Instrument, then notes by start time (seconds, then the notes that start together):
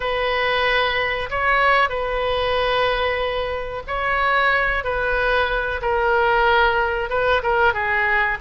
oboe
0.00 B4
1.29 C#5
1.89 B4
3.87 C#5
4.84 B4
5.81 A#4
7.09 B4
7.43 A#4
7.73 G#4